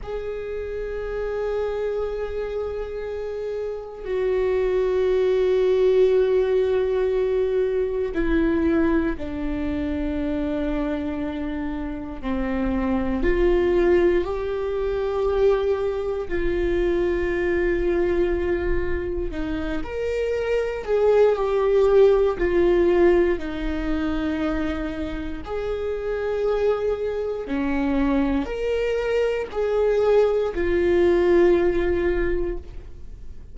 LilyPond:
\new Staff \with { instrumentName = "viola" } { \time 4/4 \tempo 4 = 59 gis'1 | fis'1 | e'4 d'2. | c'4 f'4 g'2 |
f'2. dis'8 ais'8~ | ais'8 gis'8 g'4 f'4 dis'4~ | dis'4 gis'2 cis'4 | ais'4 gis'4 f'2 | }